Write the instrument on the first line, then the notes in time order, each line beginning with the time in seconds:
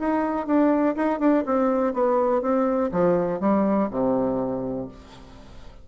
bassoon
0.00 D#4
0.47 D4
0.96 D#4
1.20 D4
1.46 C4
1.94 B3
2.42 C4
2.92 F3
3.41 G3
3.91 C3